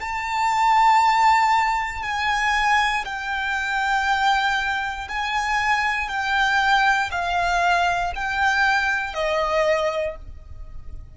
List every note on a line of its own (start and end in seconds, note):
0.00 2.03 A5
2.03 3.05 G#5
3.05 5.08 G5
5.08 6.09 G#5
6.09 7.10 G5
7.11 8.13 F5
8.16 9.14 G5
9.14 10.16 D#5